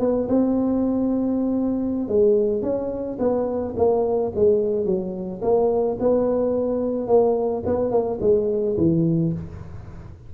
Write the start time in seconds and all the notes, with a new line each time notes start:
0.00 B3
0.29 C4
2.08 G#3
2.62 C#4
3.19 B3
3.77 A#3
4.35 G#3
4.86 F#3
5.42 A#3
6.00 B3
7.08 A#3
7.66 B3
7.91 A#3
8.21 G#3
8.77 E3